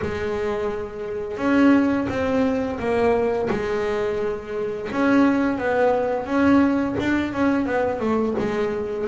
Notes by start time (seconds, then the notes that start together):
0.01 G#3
1.37 C#4
2.09 C4
2.79 A#3
3.49 G#3
4.92 C#4
5.58 B3
6.26 C#4
6.99 D4
7.33 C#4
7.66 B3
7.99 A3
8.38 G#3